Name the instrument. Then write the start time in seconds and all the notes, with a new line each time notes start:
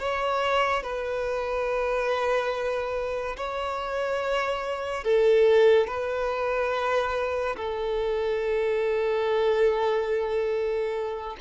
violin
0.00 C#5
0.83 B4
3.37 C#5
5.04 A4
5.87 B4
7.57 A4